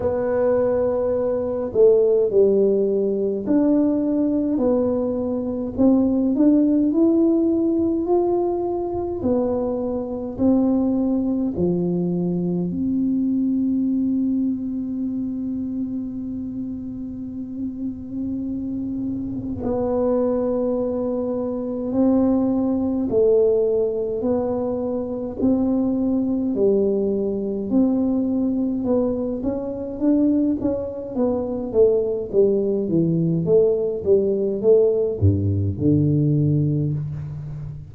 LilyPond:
\new Staff \with { instrumentName = "tuba" } { \time 4/4 \tempo 4 = 52 b4. a8 g4 d'4 | b4 c'8 d'8 e'4 f'4 | b4 c'4 f4 c'4~ | c'1~ |
c'4 b2 c'4 | a4 b4 c'4 g4 | c'4 b8 cis'8 d'8 cis'8 b8 a8 | g8 e8 a8 g8 a8 g,8 d4 | }